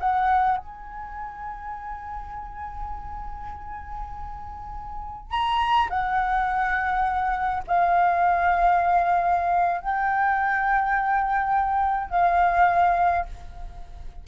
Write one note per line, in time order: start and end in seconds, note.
0.00 0.58 F#5
0.58 5.31 G#5
5.31 5.89 A#5
5.90 7.63 F#5
7.67 9.81 F5
9.81 12.10 G5
12.10 13.25 F5